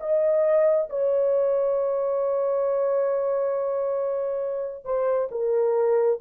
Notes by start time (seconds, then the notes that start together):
0.00 D#5
0.90 C#5
4.85 C5
5.31 A#4